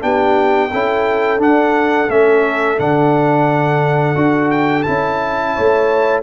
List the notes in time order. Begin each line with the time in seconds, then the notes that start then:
0.00 B3 D4 G4 G5
0.70 C#4 E4 A4
1.38 D4 F#5
2.08 A3 C#4 E5
2.77 D3 D4 F#5
4.15 D4 F#4
4.51 G5
4.82 C#4 E4 A5
5.54 A3 C#5